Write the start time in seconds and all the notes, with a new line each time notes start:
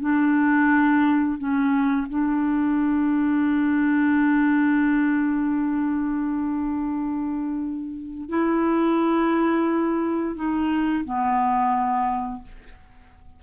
0.00 D4
1.38 C#4
2.09 D4
8.29 E4
10.35 D#4
11.04 B3